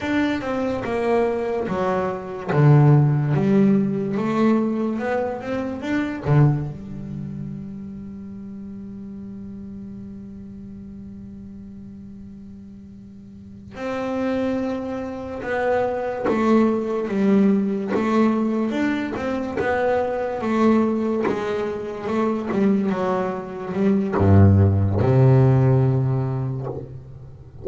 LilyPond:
\new Staff \with { instrumentName = "double bass" } { \time 4/4 \tempo 4 = 72 d'8 c'8 ais4 fis4 d4 | g4 a4 b8 c'8 d'8 d8 | g1~ | g1~ |
g8 c'2 b4 a8~ | a8 g4 a4 d'8 c'8 b8~ | b8 a4 gis4 a8 g8 fis8~ | fis8 g8 g,4 c2 | }